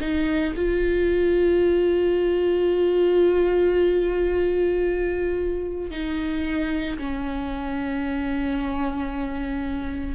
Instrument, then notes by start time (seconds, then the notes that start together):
viola
0.00 D#4
0.56 F4
5.90 D#4
6.98 C#4